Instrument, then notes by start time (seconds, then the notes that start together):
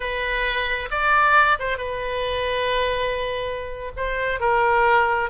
oboe
0.00 B4
0.90 D5
1.59 C5
1.77 B4
3.96 C5
4.40 A#4